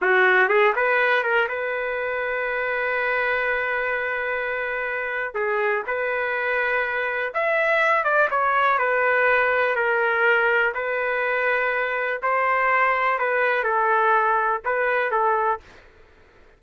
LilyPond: \new Staff \with { instrumentName = "trumpet" } { \time 4/4 \tempo 4 = 123 fis'4 gis'8 b'4 ais'8 b'4~ | b'1~ | b'2. gis'4 | b'2. e''4~ |
e''8 d''8 cis''4 b'2 | ais'2 b'2~ | b'4 c''2 b'4 | a'2 b'4 a'4 | }